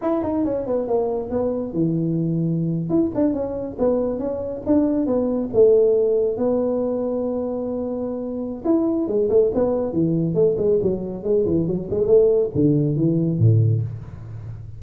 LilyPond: \new Staff \with { instrumentName = "tuba" } { \time 4/4 \tempo 4 = 139 e'8 dis'8 cis'8 b8 ais4 b4 | e2~ e8. e'8 d'8 cis'16~ | cis'8. b4 cis'4 d'4 b16~ | b8. a2 b4~ b16~ |
b1 | e'4 gis8 a8 b4 e4 | a8 gis8 fis4 gis8 e8 fis8 gis8 | a4 d4 e4 a,4 | }